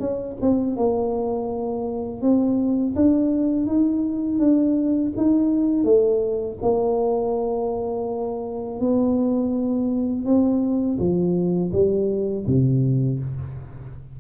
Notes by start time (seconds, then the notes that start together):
0.00 C#4
0.42 C4
0.77 A#3
2.22 C4
2.96 D4
3.67 D#4
4.39 D4
5.17 D#4
5.84 A3
6.62 A#3
8.80 B3
10.25 C4
10.99 F3
11.73 G3
12.47 C3